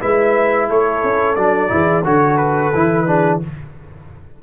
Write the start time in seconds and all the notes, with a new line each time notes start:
0.00 G#3 E4 B4 E5
0.69 A3 A4 C#5
1.03 C#4
1.35 F#3 D4 D5
1.68 E3 E4 G#4
2.04 D3 F#4 A4 C#5
2.37 B4
2.74 E3 E4
3.06 D4 G#4